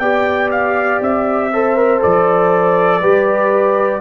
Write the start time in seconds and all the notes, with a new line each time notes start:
0.00 B3 G4 D5 G5
0.52 F5
1.01 C4 E5
1.53 A4 C5
1.77 A#4
2.00 F3 A4 D5
3.01 G3 G4 B4